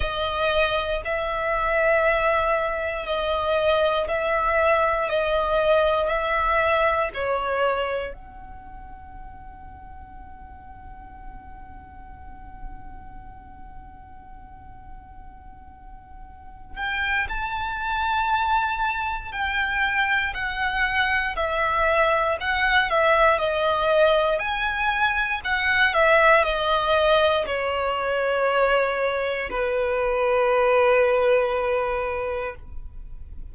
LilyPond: \new Staff \with { instrumentName = "violin" } { \time 4/4 \tempo 4 = 59 dis''4 e''2 dis''4 | e''4 dis''4 e''4 cis''4 | fis''1~ | fis''1~ |
fis''8 g''8 a''2 g''4 | fis''4 e''4 fis''8 e''8 dis''4 | gis''4 fis''8 e''8 dis''4 cis''4~ | cis''4 b'2. | }